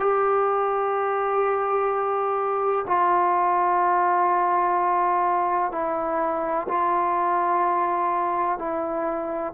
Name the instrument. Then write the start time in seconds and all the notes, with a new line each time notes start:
trombone
0.00 G4
2.87 F4
5.72 E4
6.68 F4
8.59 E4